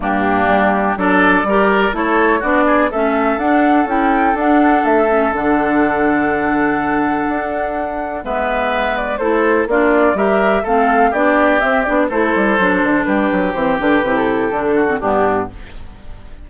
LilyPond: <<
  \new Staff \with { instrumentName = "flute" } { \time 4/4 \tempo 4 = 124 g'2 d''2 | cis''4 d''4 e''4 fis''4 | g''4 fis''4 e''4 fis''4~ | fis''1~ |
fis''4 e''4. d''8 c''4 | d''4 e''4 f''4 d''4 | e''8 d''8 c''2 b'4 | c''8 b'8. a'4.~ a'16 g'4 | }
  \new Staff \with { instrumentName = "oboe" } { \time 4/4 d'2 a'4 ais'4 | a'4 fis'8 gis'8 a'2~ | a'1~ | a'1~ |
a'4 b'2 a'4 | f'4 ais'4 a'4 g'4~ | g'4 a'2 g'4~ | g'2~ g'8 fis'8 d'4 | }
  \new Staff \with { instrumentName = "clarinet" } { \time 4/4 ais2 d'4 g'4 | e'4 d'4 cis'4 d'4 | e'4 d'4. cis'8 d'4~ | d'1~ |
d'4 b2 e'4 | d'4 g'4 c'4 d'4 | c'8 d'8 e'4 d'2 | c'8 d'8 e'4 d'8. c'16 b4 | }
  \new Staff \with { instrumentName = "bassoon" } { \time 4/4 g,4 g4 fis4 g4 | a4 b4 a4 d'4 | cis'4 d'4 a4 d4~ | d2. d'4~ |
d'4 gis2 a4 | ais4 g4 a4 b4 | c'8 b8 a8 g8 fis8 d8 g8 fis8 | e8 d8 c4 d4 g,4 | }
>>